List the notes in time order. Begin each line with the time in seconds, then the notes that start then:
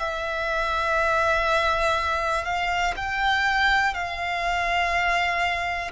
0.00 E5
2.45 F5
2.97 G5
3.94 F5